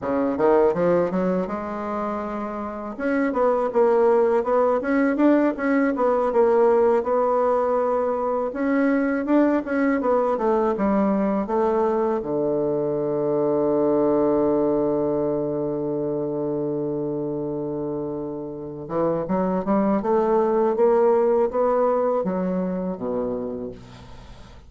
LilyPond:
\new Staff \with { instrumentName = "bassoon" } { \time 4/4 \tempo 4 = 81 cis8 dis8 f8 fis8 gis2 | cis'8 b8 ais4 b8 cis'8 d'8 cis'8 | b8 ais4 b2 cis'8~ | cis'8 d'8 cis'8 b8 a8 g4 a8~ |
a8 d2.~ d8~ | d1~ | d4. e8 fis8 g8 a4 | ais4 b4 fis4 b,4 | }